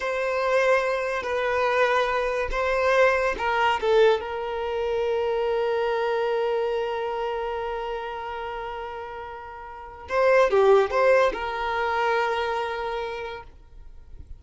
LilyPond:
\new Staff \with { instrumentName = "violin" } { \time 4/4 \tempo 4 = 143 c''2. b'4~ | b'2 c''2 | ais'4 a'4 ais'2~ | ais'1~ |
ais'1~ | ais'1 | c''4 g'4 c''4 ais'4~ | ais'1 | }